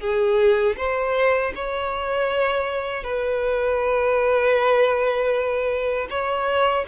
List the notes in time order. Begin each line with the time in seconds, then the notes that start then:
0.00 G#4
0.77 C5
1.55 C#5
3.03 B4
6.10 C#5